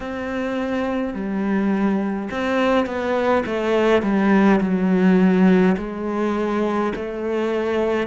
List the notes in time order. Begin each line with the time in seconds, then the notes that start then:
0.00 C4
1.13 G3
2.30 C4
2.85 B3
3.46 A3
4.02 G3
4.60 F#3
5.77 G#3
6.95 A3